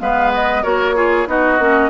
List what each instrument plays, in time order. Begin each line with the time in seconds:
0.00 bassoon G#3, clarinet B3, oboe B4, flute F5
0.33 flute D#5
0.63 bassoon A#3, clarinet F#4, oboe A#4, flute C#5
0.95 clarinet F4, oboe G#4
1.26 bassoon B3, clarinet D#4, oboe F#4, flute D#5
1.59 bassoon A#3, clarinet C#4